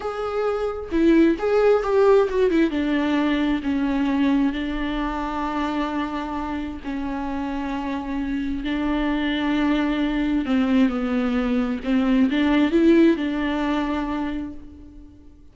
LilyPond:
\new Staff \with { instrumentName = "viola" } { \time 4/4 \tempo 4 = 132 gis'2 e'4 gis'4 | g'4 fis'8 e'8 d'2 | cis'2 d'2~ | d'2. cis'4~ |
cis'2. d'4~ | d'2. c'4 | b2 c'4 d'4 | e'4 d'2. | }